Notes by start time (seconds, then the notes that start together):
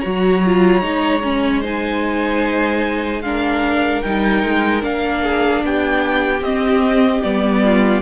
0.00 F#3 F#4 C#5 A#5
0.46 F4
0.82 G#3 D#4
1.24 C#4
1.61 D#4 C5 G#5
3.22 D4 A#4 F5
4.02 G3 D#4 G5
4.44 G#3
4.81 A#3 D4 F5
5.22 G#4
5.64 B3 G4 G5
6.41 C4 D#5
7.22 G3 B3 D5
7.64 F4